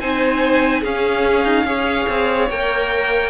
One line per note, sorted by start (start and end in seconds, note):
0.00 0.83 C4
0.00 0.84 D#4
0.00 0.81 C5
0.00 0.83 G#5
0.81 1.44 C#4
0.81 1.66 C#4
0.81 1.64 G#4
0.81 2.50 F5
1.44 1.64 D#4
1.64 2.06 C#4
1.64 2.49 G#4
1.64 3.30 C#5
2.09 2.50 C4
2.50 3.30 A#3
2.50 3.30 A#4
2.50 3.30 G5